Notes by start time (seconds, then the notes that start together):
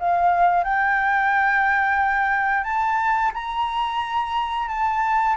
0.00 F5
0.64 G5
2.64 A5
3.34 A#5
4.69 A5